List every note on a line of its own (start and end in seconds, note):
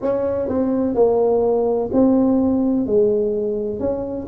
0.01 0.48 C#4
0.48 0.94 C4
0.94 1.90 A#3
1.92 2.86 C4
2.86 3.79 G#3
3.79 4.27 C#4